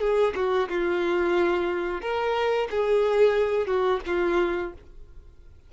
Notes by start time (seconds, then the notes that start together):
0.00 G#4
0.35 F#4
0.68 F4
2.01 A#4
2.70 G#4
3.67 F#4
4.06 F4